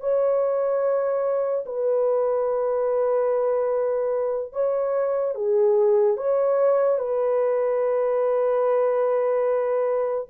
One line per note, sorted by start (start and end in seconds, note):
0.00 1.64 C#5
1.66 4.52 B4
4.52 5.35 C#5
5.35 6.17 G#4
6.17 6.98 C#5
6.98 10.27 B4